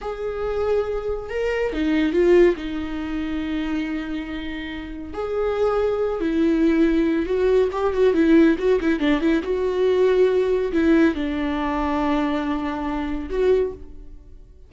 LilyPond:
\new Staff \with { instrumentName = "viola" } { \time 4/4 \tempo 4 = 140 gis'2. ais'4 | dis'4 f'4 dis'2~ | dis'1 | gis'2~ gis'8 e'4.~ |
e'4 fis'4 g'8 fis'8 e'4 | fis'8 e'8 d'8 e'8 fis'2~ | fis'4 e'4 d'2~ | d'2. fis'4 | }